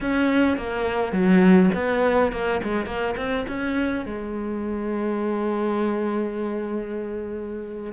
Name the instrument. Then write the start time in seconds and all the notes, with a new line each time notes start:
cello
0.01 C#4
0.57 A#3
1.12 F#3
1.74 B3
2.32 A#3
2.63 G#3
2.86 A#3
3.17 C4
3.48 C#4
4.05 G#3